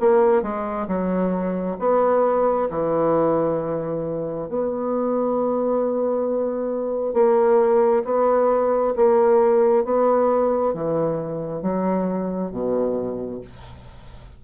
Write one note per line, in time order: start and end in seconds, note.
0.00 0.42 A#3
0.42 0.87 G#3
0.88 1.77 F#3
1.79 2.69 B3
2.70 4.49 E3
4.49 7.14 B3
7.14 8.03 A#3
8.05 8.94 B3
8.96 9.84 A#3
9.84 10.73 B3
10.73 11.62 E3
11.62 12.51 F#3
12.51 13.41 B2